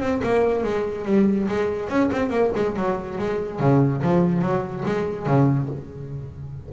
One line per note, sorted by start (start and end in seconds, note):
0.00 0.21 C4
0.23 0.64 A#3
0.64 1.05 G#3
1.05 1.47 G3
1.48 1.89 G#3
1.89 2.10 C#4
2.12 2.30 C4
2.30 2.51 A#3
2.56 2.76 G#3
2.76 3.18 F#3
3.18 3.60 G#3
3.60 4.02 C#3
4.02 4.41 F3
4.41 4.84 F#3
4.86 5.26 G#3
5.26 5.69 C#3